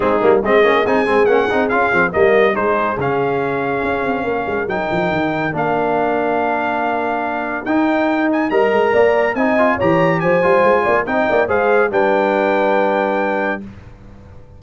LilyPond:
<<
  \new Staff \with { instrumentName = "trumpet" } { \time 4/4 \tempo 4 = 141 gis'4 dis''4 gis''4 fis''4 | f''4 dis''4 c''4 f''4~ | f''2. g''4~ | g''4 f''2.~ |
f''2 g''4. gis''8 | ais''2 gis''4 ais''4 | gis''2 g''4 f''4 | g''1 | }
  \new Staff \with { instrumentName = "horn" } { \time 4/4 dis'4 gis'2.~ | gis'4 ais'4 gis'2~ | gis'2 ais'2~ | ais'1~ |
ais'1 | dis''4 d''4 dis''4 cis''4 | c''4. d''8 dis''8 d''8 c''4 | b'1 | }
  \new Staff \with { instrumentName = "trombone" } { \time 4/4 c'8 ais8 c'8 cis'8 dis'8 c'8 cis'8 dis'8 | f'8 c'8 ais4 dis'4 cis'4~ | cis'2. dis'4~ | dis'4 d'2.~ |
d'2 dis'2 | ais'2 dis'8 f'8 g'4~ | g'8 f'4. dis'4 gis'4 | d'1 | }
  \new Staff \with { instrumentName = "tuba" } { \time 4/4 gis8 g8 gis8 ais8 c'8 gis8 ais8 c'8 | cis'8 f8 g4 gis4 cis4~ | cis4 cis'8 c'8 ais8 gis8 fis8 f8 | dis4 ais2.~ |
ais2 dis'2 | g8 gis8 ais4 c'4 e4 | f8 g8 gis8 ais8 c'8 ais8 gis4 | g1 | }
>>